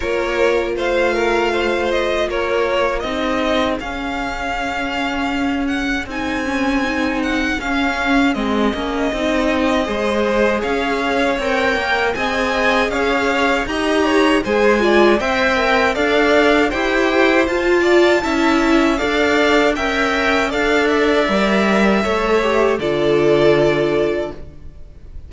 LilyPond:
<<
  \new Staff \with { instrumentName = "violin" } { \time 4/4 \tempo 4 = 79 cis''4 f''4. dis''8 cis''4 | dis''4 f''2~ f''8 fis''8 | gis''4. fis''8 f''4 dis''4~ | dis''2 f''4 g''4 |
gis''4 f''4 ais''4 gis''4 | g''4 f''4 g''4 a''4~ | a''4 f''4 g''4 f''8 e''8~ | e''2 d''2 | }
  \new Staff \with { instrumentName = "violin" } { \time 4/4 ais'4 c''8 ais'8 c''4 ais'4 | gis'1~ | gis'1~ | gis'4 c''4 cis''2 |
dis''4 cis''4 dis''8 cis''8 c''8 d''8 | e''4 d''4 c''4. d''8 | e''4 d''4 e''4 d''4~ | d''4 cis''4 a'2 | }
  \new Staff \with { instrumentName = "viola" } { \time 4/4 f'1 | dis'4 cis'2. | dis'8 cis'8 dis'4 cis'4 c'8 cis'8 | dis'4 gis'2 ais'4 |
gis'2 g'4 gis'8 f'8 | c''8 ais'8 a'4 g'4 f'4 | e'4 a'4 ais'4 a'4 | ais'4 a'8 g'8 f'2 | }
  \new Staff \with { instrumentName = "cello" } { \time 4/4 ais4 a2 ais4 | c'4 cis'2. | c'2 cis'4 gis8 ais8 | c'4 gis4 cis'4 c'8 ais8 |
c'4 cis'4 dis'4 gis4 | c'4 d'4 e'4 f'4 | cis'4 d'4 cis'4 d'4 | g4 a4 d2 | }
>>